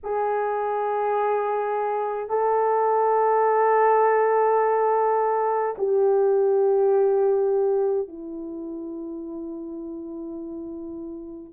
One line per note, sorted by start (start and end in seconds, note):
0.03 2.29 G#4
2.29 5.75 A4
5.77 8.08 G4
8.08 11.53 E4